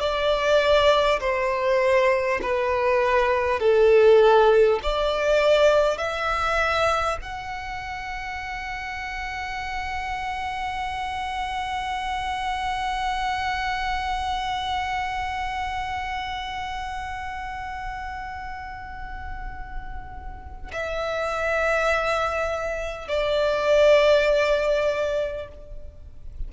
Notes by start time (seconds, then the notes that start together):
0.00 D5
1.20 C5
2.42 B4
3.60 A4
4.83 D5
5.98 E5
7.22 F#5
20.73 E5
23.08 D5